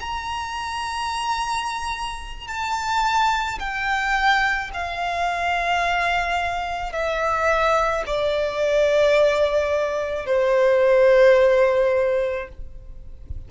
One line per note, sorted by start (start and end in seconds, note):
0.00 2.47 A#5
2.47 3.59 A5
3.59 4.70 G5
4.74 6.92 F5
6.92 8.04 E5
8.06 10.26 D5
10.26 12.48 C5